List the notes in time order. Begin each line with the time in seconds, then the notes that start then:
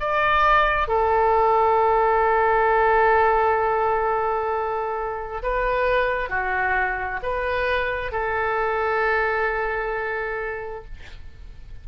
0.00 D5
0.88 A4
5.43 B4
6.30 F#4
7.23 B4
8.12 A4